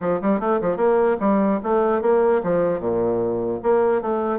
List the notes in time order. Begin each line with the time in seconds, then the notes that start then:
0.00 F3
0.21 G3
0.39 A3
0.61 F3
0.76 A#3
1.20 G3
1.63 A3
2.01 A#3
2.43 F3
2.79 A#2
3.62 A#3
4.01 A3